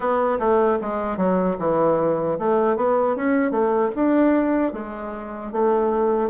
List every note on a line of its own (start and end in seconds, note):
0.00 0.38 B3
0.39 0.78 A3
0.81 1.17 G#3
1.17 1.56 F#3
1.59 2.38 E3
2.39 2.76 A3
2.76 3.16 B3
3.16 3.51 C#4
3.51 3.90 A3
3.95 4.73 D4
4.73 5.52 G#3
5.52 6.30 A3